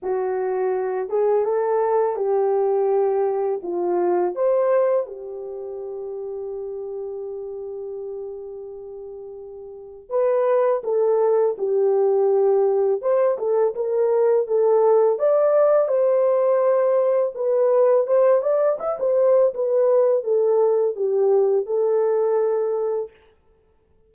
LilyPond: \new Staff \with { instrumentName = "horn" } { \time 4/4 \tempo 4 = 83 fis'4. gis'8 a'4 g'4~ | g'4 f'4 c''4 g'4~ | g'1~ | g'2 b'4 a'4 |
g'2 c''8 a'8 ais'4 | a'4 d''4 c''2 | b'4 c''8 d''8 e''16 c''8. b'4 | a'4 g'4 a'2 | }